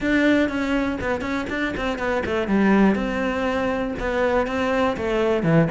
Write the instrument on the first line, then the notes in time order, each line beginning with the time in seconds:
cello
0.00 D4
0.48 C#4
1.00 B3
1.21 C#4
1.49 D4
1.76 C4
1.98 B3
2.25 A3
2.47 G3
2.95 C4
3.99 B3
4.46 C4
4.97 A3
5.43 E3